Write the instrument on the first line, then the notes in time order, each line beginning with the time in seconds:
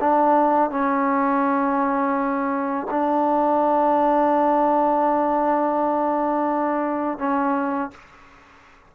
trombone
0.00 D4
0.70 C#4
2.90 D4
7.18 C#4